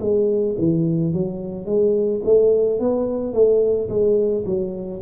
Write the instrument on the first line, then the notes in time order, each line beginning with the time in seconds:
tuba
0.00 G#3
0.58 E3
1.13 F#3
1.65 G#3
2.24 A3
2.79 B3
3.33 A3
3.89 G#3
4.45 F#3